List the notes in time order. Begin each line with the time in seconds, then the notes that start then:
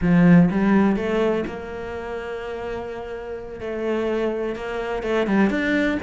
0.01 F3
0.50 G3
0.96 A3
1.46 A#3
3.60 A3
4.55 A#3
5.02 A3
5.26 G3
5.50 D4